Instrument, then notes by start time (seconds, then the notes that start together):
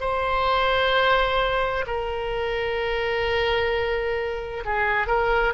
oboe
0.00 C5
1.86 A#4
4.64 G#4
5.07 A#4